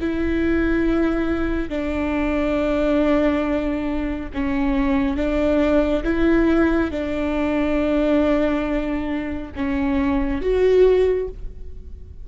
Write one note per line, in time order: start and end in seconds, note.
0.00 1.69 E4
1.69 4.30 D4
4.34 5.17 C#4
5.17 6.04 D4
6.04 6.91 E4
6.91 9.52 D4
9.56 10.42 C#4
10.42 11.28 F#4